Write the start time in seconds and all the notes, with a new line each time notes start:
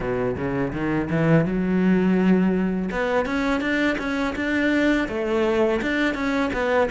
0.00 B2
0.36 C#3
0.73 D#3
1.09 E3
1.45 F#3
2.91 B3
3.25 C#4
3.60 D4
3.98 C#4
4.35 D4
5.08 A3
5.82 D4
6.14 C#4
6.53 B3